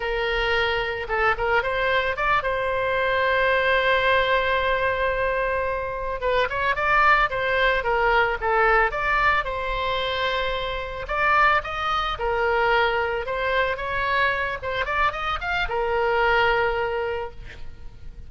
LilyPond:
\new Staff \with { instrumentName = "oboe" } { \time 4/4 \tempo 4 = 111 ais'2 a'8 ais'8 c''4 | d''8 c''2.~ c''8~ | c''2.~ c''8 b'8 | cis''8 d''4 c''4 ais'4 a'8~ |
a'8 d''4 c''2~ c''8~ | c''8 d''4 dis''4 ais'4.~ | ais'8 c''4 cis''4. c''8 d''8 | dis''8 f''8 ais'2. | }